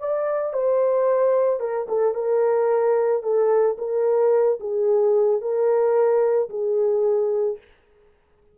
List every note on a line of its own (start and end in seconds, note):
0.00 0.54 D5
0.54 1.60 C5
1.60 1.87 A#4
1.89 2.15 A4
2.15 3.23 A#4
3.23 3.77 A4
3.78 4.59 A#4
4.60 5.42 G#4
5.42 6.50 A#4
6.50 7.58 G#4